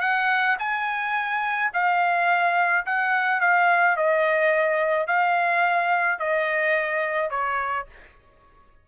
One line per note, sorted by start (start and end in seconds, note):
0.00 0.56 F#5
0.58 1.71 G#5
1.73 2.85 F5
2.85 3.40 F#5
3.40 3.96 F5
3.96 5.07 D#5
5.07 6.19 F5
6.19 7.30 D#5
7.30 7.86 C#5